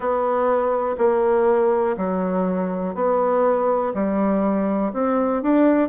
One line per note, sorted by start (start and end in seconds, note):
0.00 0.96 B3
0.97 1.96 A#3
1.97 2.94 F#3
2.94 3.93 B3
3.93 4.92 G3
4.93 5.42 C4
5.42 5.88 D4